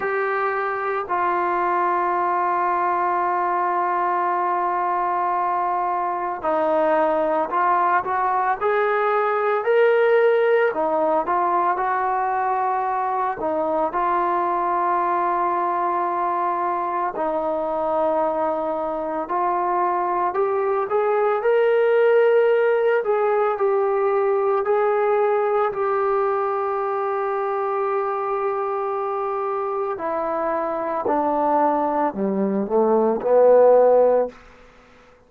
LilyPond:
\new Staff \with { instrumentName = "trombone" } { \time 4/4 \tempo 4 = 56 g'4 f'2.~ | f'2 dis'4 f'8 fis'8 | gis'4 ais'4 dis'8 f'8 fis'4~ | fis'8 dis'8 f'2. |
dis'2 f'4 g'8 gis'8 | ais'4. gis'8 g'4 gis'4 | g'1 | e'4 d'4 g8 a8 b4 | }